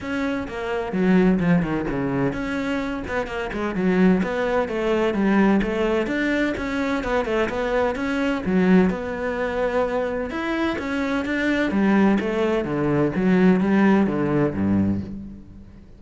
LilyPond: \new Staff \with { instrumentName = "cello" } { \time 4/4 \tempo 4 = 128 cis'4 ais4 fis4 f8 dis8 | cis4 cis'4. b8 ais8 gis8 | fis4 b4 a4 g4 | a4 d'4 cis'4 b8 a8 |
b4 cis'4 fis4 b4~ | b2 e'4 cis'4 | d'4 g4 a4 d4 | fis4 g4 d4 g,4 | }